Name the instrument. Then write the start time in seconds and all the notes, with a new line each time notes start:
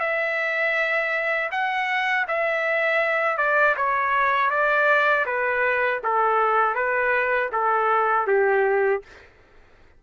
trumpet
0.00 E5
1.52 F#5
2.28 E5
3.38 D5
3.77 C#5
4.51 D5
5.26 B4
6.04 A4
6.75 B4
7.52 A4
8.27 G4